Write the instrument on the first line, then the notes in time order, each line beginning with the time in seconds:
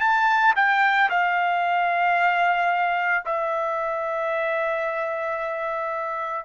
trumpet
0.00 A5
0.56 G5
1.10 F5
3.25 E5